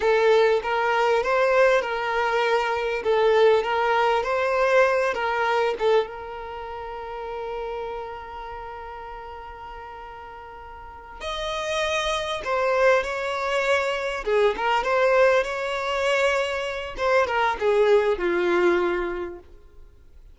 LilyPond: \new Staff \with { instrumentName = "violin" } { \time 4/4 \tempo 4 = 99 a'4 ais'4 c''4 ais'4~ | ais'4 a'4 ais'4 c''4~ | c''8 ais'4 a'8 ais'2~ | ais'1~ |
ais'2~ ais'8 dis''4.~ | dis''8 c''4 cis''2 gis'8 | ais'8 c''4 cis''2~ cis''8 | c''8 ais'8 gis'4 f'2 | }